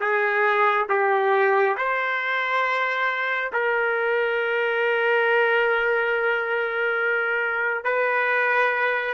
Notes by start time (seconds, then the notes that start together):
0.00 G#4
0.89 G4
1.77 C5
3.53 A#4
7.85 B4